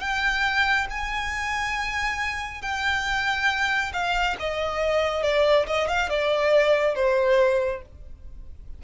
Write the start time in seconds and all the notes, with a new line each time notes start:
0.00 G5
0.90 G#5
2.62 G5
3.92 F5
4.39 D#5
5.23 D5
5.66 D#5
5.87 F5
6.09 D5
6.95 C5